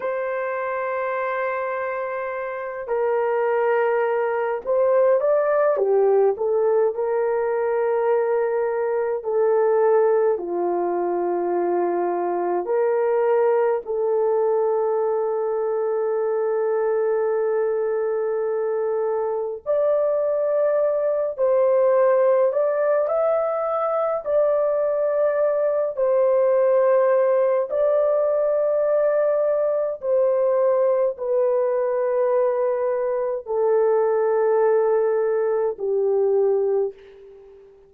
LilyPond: \new Staff \with { instrumentName = "horn" } { \time 4/4 \tempo 4 = 52 c''2~ c''8 ais'4. | c''8 d''8 g'8 a'8 ais'2 | a'4 f'2 ais'4 | a'1~ |
a'4 d''4. c''4 d''8 | e''4 d''4. c''4. | d''2 c''4 b'4~ | b'4 a'2 g'4 | }